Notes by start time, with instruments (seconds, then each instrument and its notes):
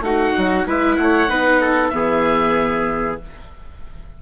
0.00 bassoon A3, viola D#4, trumpet F#4, oboe F#5
0.37 bassoon F#3
0.66 bassoon G#3, viola E4, trumpet B4, oboe E5
0.96 bassoon A3, oboe F#5
1.02 trumpet C#5
1.28 bassoon B3, viola D#4, trumpet B4
1.61 trumpet A4
1.89 bassoon E3, viola B3, trumpet G#4, oboe E5